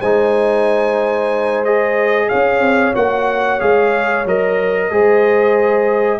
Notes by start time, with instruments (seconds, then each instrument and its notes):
0.00 tuba G#3, trombone D#4, horn C5, trumpet G#5
1.64 trombone G#4, trumpet D#5
2.29 tuba C#4, horn C#5, trumpet F5
2.60 tuba C4
2.95 tuba A#3, trombone F#4, trumpet F#5
3.60 tuba G#3, trombone G#4, trumpet F5
4.26 tuba F#3, trombone A#4, trumpet D#5
4.91 tuba G#3, trombone G#4, horn C5